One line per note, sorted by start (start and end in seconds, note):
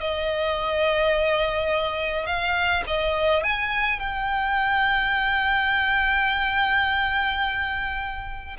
0.00 2.26 D#5
2.26 2.83 F5
2.87 3.43 D#5
3.43 3.99 G#5
3.99 8.57 G5